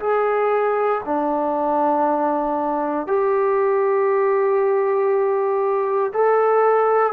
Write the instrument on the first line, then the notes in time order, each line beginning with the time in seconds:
trombone
0.00 G#4
1.05 D4
3.07 G4
6.13 A4